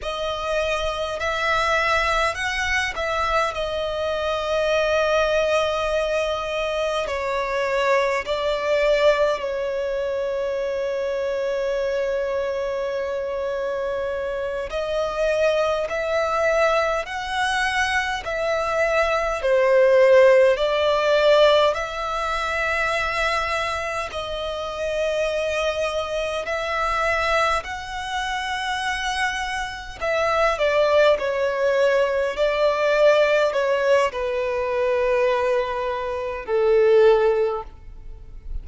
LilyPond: \new Staff \with { instrumentName = "violin" } { \time 4/4 \tempo 4 = 51 dis''4 e''4 fis''8 e''8 dis''4~ | dis''2 cis''4 d''4 | cis''1~ | cis''8 dis''4 e''4 fis''4 e''8~ |
e''8 c''4 d''4 e''4.~ | e''8 dis''2 e''4 fis''8~ | fis''4. e''8 d''8 cis''4 d''8~ | d''8 cis''8 b'2 a'4 | }